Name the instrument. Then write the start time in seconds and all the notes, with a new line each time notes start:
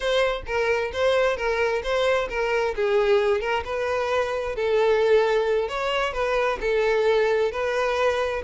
violin
0.00 C5
0.46 A#4
0.93 C5
1.36 A#4
1.83 C5
2.29 A#4
2.75 G#4
3.40 A#4
3.64 B4
4.55 A4
5.68 C#5
6.13 B4
6.60 A4
7.51 B4